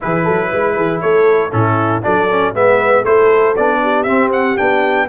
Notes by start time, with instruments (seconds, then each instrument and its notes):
0.00 tuba E3, trombone E4, horn G#4, trumpet B4
0.23 tuba F#3, horn A4
0.51 tuba G#3, horn B4
0.75 tuba E3, horn G#4
1.00 tuba A3, horn A4, trumpet C#5
1.51 tuba A2, trombone C#4, horn E4, trumpet A4
2.02 tuba F#3, trombone D4, horn A4, trumpet D5
2.30 trombone C#4
2.53 tuba G#3, trombone B3, horn B4, trumpet E5
3.01 tuba A3, trombone E4, horn A4, trumpet C5
3.56 tuba B3, trombone D4, trumpet D5
3.81 horn G4
4.03 tuba C4, trombone C4, trumpet E5
4.32 trumpet F#5
4.56 tuba B3, trombone D4, trumpet G5